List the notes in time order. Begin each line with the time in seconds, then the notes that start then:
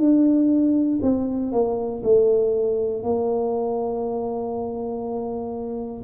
0.00 D4
1.03 C4
1.52 A#3
2.04 A3
3.03 A#3